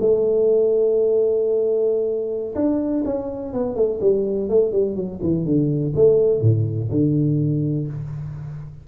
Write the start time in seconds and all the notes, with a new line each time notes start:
0.00 A3
2.55 D4
3.05 C#4
3.53 B3
3.75 A3
4.01 G3
4.49 A3
4.72 G3
4.95 F#3
5.22 E3
5.45 D3
5.95 A3
6.41 A2
6.91 D3